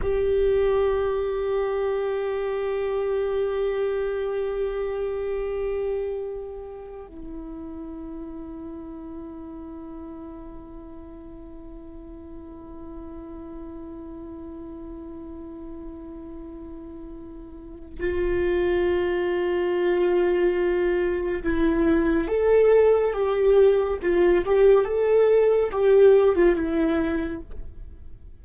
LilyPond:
\new Staff \with { instrumentName = "viola" } { \time 4/4 \tempo 4 = 70 g'1~ | g'1~ | g'16 e'2.~ e'8.~ | e'1~ |
e'1~ | e'4 f'2.~ | f'4 e'4 a'4 g'4 | f'8 g'8 a'4 g'8. f'16 e'4 | }